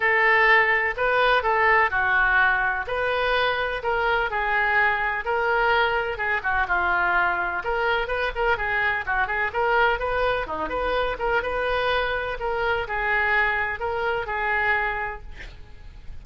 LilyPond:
\new Staff \with { instrumentName = "oboe" } { \time 4/4 \tempo 4 = 126 a'2 b'4 a'4 | fis'2 b'2 | ais'4 gis'2 ais'4~ | ais'4 gis'8 fis'8 f'2 |
ais'4 b'8 ais'8 gis'4 fis'8 gis'8 | ais'4 b'4 dis'8 b'4 ais'8 | b'2 ais'4 gis'4~ | gis'4 ais'4 gis'2 | }